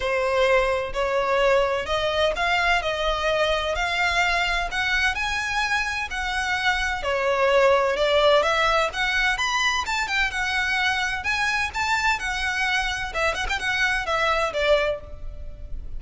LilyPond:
\new Staff \with { instrumentName = "violin" } { \time 4/4 \tempo 4 = 128 c''2 cis''2 | dis''4 f''4 dis''2 | f''2 fis''4 gis''4~ | gis''4 fis''2 cis''4~ |
cis''4 d''4 e''4 fis''4 | b''4 a''8 g''8 fis''2 | gis''4 a''4 fis''2 | e''8 fis''16 g''16 fis''4 e''4 d''4 | }